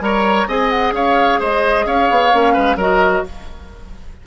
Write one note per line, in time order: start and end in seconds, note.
0.00 0.46 G3
0.00 0.47 A#4
0.00 0.48 C#5
0.00 0.48 A#5
0.47 0.92 C4
0.47 2.32 G#4
0.47 0.94 D#5
0.47 0.70 G#5
0.70 0.92 F#5
0.92 1.38 C#4
0.92 1.40 C#5
0.92 1.40 F5
1.40 1.86 G#3
1.40 1.85 C5
1.40 1.87 D#5
1.86 2.09 C#4
1.86 2.53 C#5
1.86 2.78 F5
2.10 2.33 B3
2.33 2.56 A#3
2.33 2.78 C#4
2.53 2.76 G#3
2.53 2.76 B4
2.76 3.21 F#3
2.76 3.26 F#4
2.76 3.23 A#4
2.76 3.26 D#5